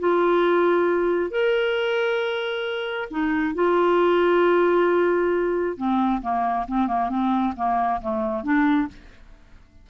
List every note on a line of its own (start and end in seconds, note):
0.00 1.31 F4
1.31 3.09 A#4
3.11 3.55 D#4
3.55 5.77 F4
5.77 6.22 C4
6.22 6.66 A#3
6.68 6.88 C4
6.88 7.10 A#3
7.10 7.54 C4
7.57 8.01 A#3
8.02 8.44 A3
8.44 8.88 D4